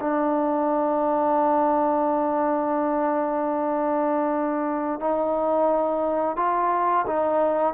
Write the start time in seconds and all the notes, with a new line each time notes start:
0.00 D4
4.99 D#4
6.36 F4
7.07 D#4